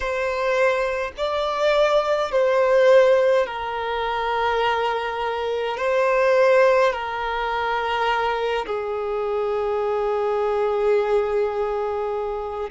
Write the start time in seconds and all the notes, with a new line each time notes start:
0.00 C5
1.17 D5
2.31 C5
3.46 A#4
5.77 C5
6.92 A#4
8.65 G#4